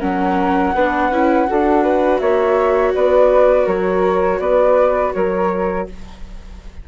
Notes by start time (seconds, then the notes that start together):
0.00 F#3 C#4 A#4 F#5
0.74 B3 D4 B4
1.10 C#4 E4
1.48 D4 F#4 A4
1.83 B4
2.19 A#3 C#5 E5
2.95 B3 B4 D5
3.66 F#3 A#4 C#5
4.39 B3 B4 D5
5.14 F#3 A#4 C#5